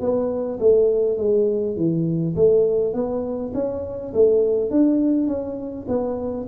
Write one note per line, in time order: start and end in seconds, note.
0.00 0.59 B3
0.59 1.18 A3
1.18 1.76 G#3
1.76 2.35 E3
2.35 2.94 A3
2.94 3.52 B3
3.54 4.13 C#4
4.13 4.71 A3
4.71 5.27 D4
5.27 5.86 C#4
5.88 6.47 B3